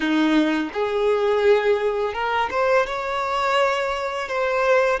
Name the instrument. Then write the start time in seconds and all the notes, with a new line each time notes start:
violin
0.00 D#4
0.73 G#4
2.13 A#4
2.50 C5
2.86 C#5
4.28 C5